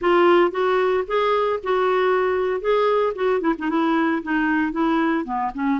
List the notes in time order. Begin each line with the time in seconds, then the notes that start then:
0.01 F4
0.51 F#4
1.07 G#4
1.63 F#4
2.60 G#4
3.15 F#4
3.40 E4
3.58 D#4
3.69 E4
4.22 D#4
4.72 E4
5.24 B3
5.54 C#4